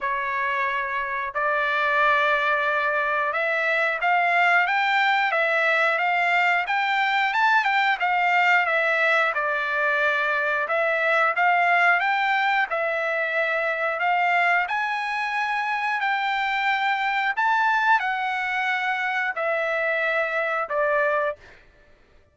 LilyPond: \new Staff \with { instrumentName = "trumpet" } { \time 4/4 \tempo 4 = 90 cis''2 d''2~ | d''4 e''4 f''4 g''4 | e''4 f''4 g''4 a''8 g''8 | f''4 e''4 d''2 |
e''4 f''4 g''4 e''4~ | e''4 f''4 gis''2 | g''2 a''4 fis''4~ | fis''4 e''2 d''4 | }